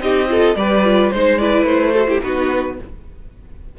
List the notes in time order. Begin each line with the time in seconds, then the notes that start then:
0.00 C4 D#4 G4 D#5
0.27 F4 A4
0.55 G3 G4 B4 D5
0.84 F4
1.10 G#3 D#4 C5
1.37 E4 B4 D5
1.62 A3 C5
1.93 F#4 A4
2.07 E4 G4
2.22 B3 D#4 F#4 B4